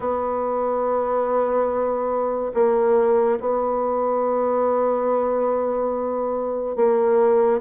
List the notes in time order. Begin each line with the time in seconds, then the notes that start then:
0.00 B3
2.54 A#3
3.40 B3
6.76 A#3